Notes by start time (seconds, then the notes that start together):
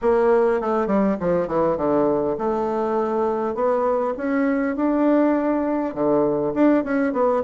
0.01 A#3
0.60 A3
0.86 G3
1.19 F3
1.47 E3
1.77 D3
2.38 A3
3.54 B3
4.17 C#4
4.76 D4
5.94 D3
6.54 D4
6.83 C#4
7.13 B3